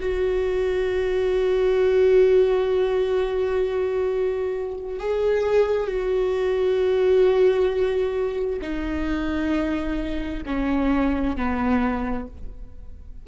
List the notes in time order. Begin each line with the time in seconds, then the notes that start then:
0.00 F#4
4.99 G#4
5.87 F#4
8.62 D#4
10.46 C#4
11.36 B3